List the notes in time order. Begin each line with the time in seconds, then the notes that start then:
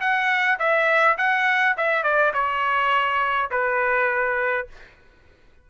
0.00 F#5
0.59 E5
1.17 F#5
1.77 E5
2.03 D5
2.34 C#5
3.51 B4